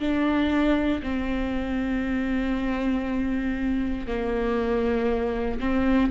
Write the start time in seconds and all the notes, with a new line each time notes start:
0.00 D4
1.03 C4
4.07 A#3
5.60 C4